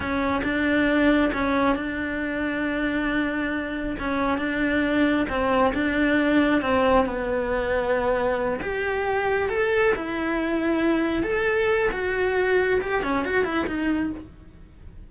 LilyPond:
\new Staff \with { instrumentName = "cello" } { \time 4/4 \tempo 4 = 136 cis'4 d'2 cis'4 | d'1~ | d'4 cis'4 d'2 | c'4 d'2 c'4 |
b2.~ b8 g'8~ | g'4. a'4 e'4.~ | e'4. a'4. fis'4~ | fis'4 g'8 cis'8 fis'8 e'8 dis'4 | }